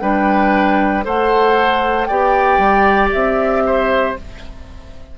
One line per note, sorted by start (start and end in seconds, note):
0.00 1.05 G3
0.00 1.03 D4
0.00 1.04 B4
0.00 1.03 G5
1.03 2.09 A3
1.03 2.07 A4
1.03 2.08 C5
1.03 2.05 F#5
2.05 2.58 B3
2.05 4.17 G4
2.05 3.63 D5
2.05 3.08 G5
2.58 3.09 G3
3.12 4.17 C4
3.12 4.15 E5
3.66 4.17 C5